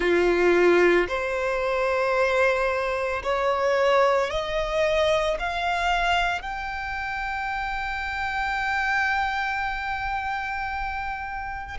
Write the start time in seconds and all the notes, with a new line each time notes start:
0.00 F4
1.08 C5
3.23 C#5
4.30 D#5
5.39 F5
6.41 G5